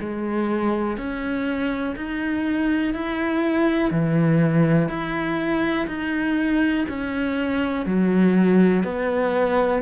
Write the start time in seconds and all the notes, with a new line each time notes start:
0.00 G#3
0.97 C#4
1.96 D#4
2.94 E4
3.91 E3
4.89 E4
5.87 D#4
6.89 C#4
7.86 F#3
8.83 B3